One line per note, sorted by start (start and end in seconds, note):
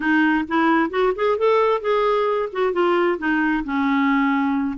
0.00 0.44 D#4
0.48 0.90 E4
0.90 1.12 F#4
1.15 1.38 G#4
1.38 1.81 A4
1.81 2.49 G#4
2.52 2.72 F#4
2.72 3.18 F4
3.18 3.63 D#4
3.64 4.78 C#4